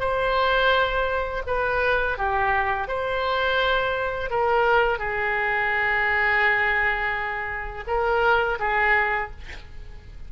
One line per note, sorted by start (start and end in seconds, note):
0.00 1.43 C5
1.47 2.18 B4
2.18 2.88 G4
2.88 4.31 C5
4.31 4.99 A#4
4.99 7.85 G#4
7.87 8.59 A#4
8.60 9.31 G#4